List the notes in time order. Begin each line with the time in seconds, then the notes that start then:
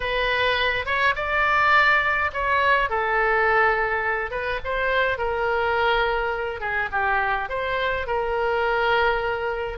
0.00 B4
0.85 C#5
1.15 D5
2.33 C#5
2.89 A4
4.30 B4
4.64 C5
5.18 A#4
6.60 G#4
6.91 G4
7.49 C5
8.06 A#4